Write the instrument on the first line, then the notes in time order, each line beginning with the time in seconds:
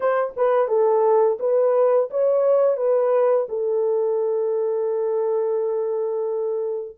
horn
0.00 C5
0.36 B4
0.68 A4
1.39 B4
2.10 C#5
2.77 B4
3.49 A4